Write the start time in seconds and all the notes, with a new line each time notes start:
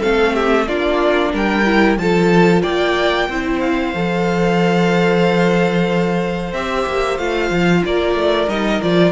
0.00 A3 C4 A4 F5
0.33 G4 E5
0.68 A#3 D4 F4 D5
1.33 G3 A#4 G5
1.65 E4
1.97 F3 F4 A4 A5
2.62 A#3 D5 G5
3.29 C4 E4 C5
3.60 F5
3.94 F3 A4
6.52 C4 G4 E5
6.87 A#3
7.18 A3 F4 F5
7.51 F3
7.85 A#3 A#4 D5
8.15 A3
8.48 G3 D#4 D#5
8.82 F3 F4 D5